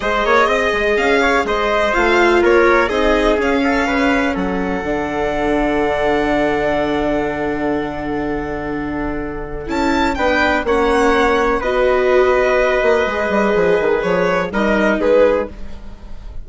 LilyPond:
<<
  \new Staff \with { instrumentName = "violin" } { \time 4/4 \tempo 4 = 124 dis''2 f''4 dis''4 | f''4 cis''4 dis''4 f''4~ | f''4 fis''2.~ | fis''1~ |
fis''1 | a''4 g''4 fis''2 | dis''1~ | dis''4 cis''4 dis''4 b'4 | }
  \new Staff \with { instrumentName = "trumpet" } { \time 4/4 c''8 cis''8 dis''4. cis''8 c''4~ | c''4 ais'4 gis'4. a'8 | b'4 a'2.~ | a'1~ |
a'1~ | a'4 b'4 cis''2 | b'1~ | b'2 ais'4 gis'4 | }
  \new Staff \with { instrumentName = "viola" } { \time 4/4 gis'1 | f'2 dis'4 cis'4~ | cis'2 d'2~ | d'1~ |
d'1 | e'4 d'4 cis'2 | fis'2. gis'4~ | gis'2 dis'2 | }
  \new Staff \with { instrumentName = "bassoon" } { \time 4/4 gis8 ais8 c'8 gis8 cis'4 gis4 | a4 ais4 c'4 cis'4 | cis4 fis4 d2~ | d1~ |
d1 | cis'4 b4 ais2 | b2~ b8 ais8 gis8 g8 | f8 dis8 f4 g4 gis4 | }
>>